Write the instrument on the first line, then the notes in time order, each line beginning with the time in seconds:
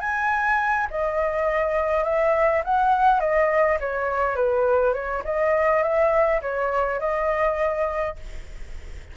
flute
0.00 G#5
0.91 D#5
2.04 E5
2.65 F#5
3.20 D#5
3.80 C#5
4.36 B4
4.94 C#5
5.25 D#5
5.83 E5
6.42 C#5
7.00 D#5